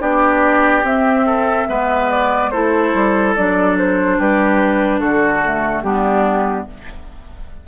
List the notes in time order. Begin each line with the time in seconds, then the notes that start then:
0.00 B3 D4 G4 D5
0.83 C4 E5
1.26 A4
1.69 G#3 B3 B4
2.11 D5
2.50 A3 E4 A4 C5
2.94 G3
3.35 F#3 D4 D5
3.78 C5
4.19 G3 G4 B4
5.00 D3 F#4 A4
5.45 A3
5.82 G3 B3 D4 G4